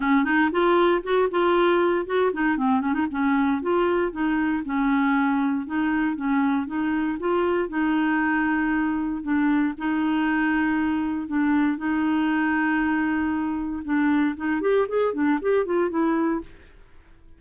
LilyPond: \new Staff \with { instrumentName = "clarinet" } { \time 4/4 \tempo 4 = 117 cis'8 dis'8 f'4 fis'8 f'4. | fis'8 dis'8 c'8 cis'16 dis'16 cis'4 f'4 | dis'4 cis'2 dis'4 | cis'4 dis'4 f'4 dis'4~ |
dis'2 d'4 dis'4~ | dis'2 d'4 dis'4~ | dis'2. d'4 | dis'8 g'8 gis'8 d'8 g'8 f'8 e'4 | }